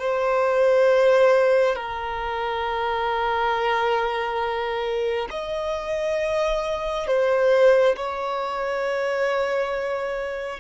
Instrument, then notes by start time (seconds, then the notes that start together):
violin
0.00 C5
1.76 A#4
5.31 D#5
7.08 C5
7.97 C#5